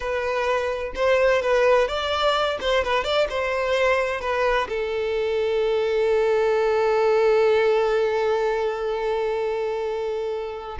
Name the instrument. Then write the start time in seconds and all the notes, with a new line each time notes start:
violin
0.00 B4
0.95 C5
1.42 B4
1.87 D5
2.60 C5
2.84 B4
3.03 D5
3.29 C5
4.20 B4
4.68 A4